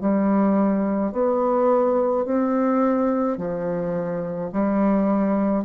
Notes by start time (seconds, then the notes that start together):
0.00 G3
1.12 B3
2.25 C4
3.37 F3
4.52 G3